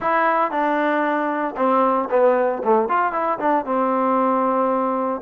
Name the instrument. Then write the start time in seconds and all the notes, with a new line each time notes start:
trombone
0.00 E4
0.51 D4
1.56 C4
2.10 B3
2.63 A3
2.88 F4
3.12 E4
3.39 D4
3.65 C4